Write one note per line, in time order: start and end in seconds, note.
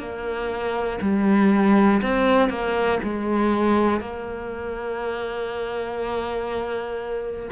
0.00 1.00 A#3
1.02 2.02 G3
2.03 2.50 C4
2.50 3.00 A#3
3.04 4.01 G#3
4.01 7.51 A#3